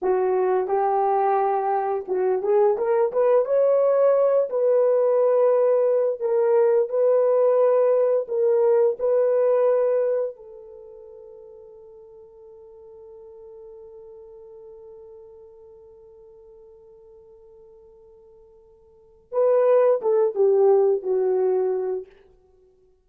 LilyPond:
\new Staff \with { instrumentName = "horn" } { \time 4/4 \tempo 4 = 87 fis'4 g'2 fis'8 gis'8 | ais'8 b'8 cis''4. b'4.~ | b'4 ais'4 b'2 | ais'4 b'2 a'4~ |
a'1~ | a'1~ | a'1 | b'4 a'8 g'4 fis'4. | }